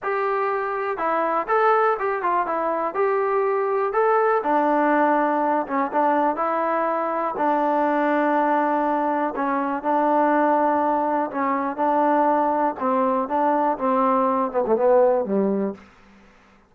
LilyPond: \new Staff \with { instrumentName = "trombone" } { \time 4/4 \tempo 4 = 122 g'2 e'4 a'4 | g'8 f'8 e'4 g'2 | a'4 d'2~ d'8 cis'8 | d'4 e'2 d'4~ |
d'2. cis'4 | d'2. cis'4 | d'2 c'4 d'4 | c'4. b16 a16 b4 g4 | }